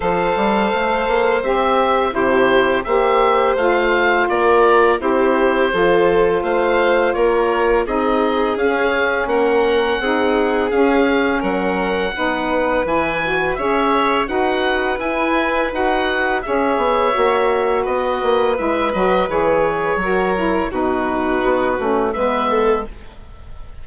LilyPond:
<<
  \new Staff \with { instrumentName = "oboe" } { \time 4/4 \tempo 4 = 84 f''2 e''4 c''4 | e''4 f''4 d''4 c''4~ | c''4 f''4 cis''4 dis''4 | f''4 fis''2 f''4 |
fis''2 gis''4 e''4 | fis''4 gis''4 fis''4 e''4~ | e''4 dis''4 e''8 dis''8 cis''4~ | cis''4 b'2 e''4 | }
  \new Staff \with { instrumentName = "violin" } { \time 4/4 c''2. g'4 | c''2 ais'4 g'4 | a'4 c''4 ais'4 gis'4~ | gis'4 ais'4 gis'2 |
ais'4 b'2 cis''4 | b'2. cis''4~ | cis''4 b'2. | ais'4 fis'2 b'8 a'8 | }
  \new Staff \with { instrumentName = "saxophone" } { \time 4/4 a'2 g'4 e'4 | g'4 f'2 e'4 | f'2. dis'4 | cis'2 dis'4 cis'4~ |
cis'4 dis'4 e'8 fis'8 gis'4 | fis'4 e'4 fis'4 gis'4 | fis'2 e'8 fis'8 gis'4 | fis'8 e'8 dis'4. cis'8 b4 | }
  \new Staff \with { instrumentName = "bassoon" } { \time 4/4 f8 g8 a8 ais8 c'4 c4 | ais4 a4 ais4 c'4 | f4 a4 ais4 c'4 | cis'4 ais4 c'4 cis'4 |
fis4 b4 e4 cis'4 | dis'4 e'4 dis'4 cis'8 b8 | ais4 b8 ais8 gis8 fis8 e4 | fis4 b,4 b8 a8 gis4 | }
>>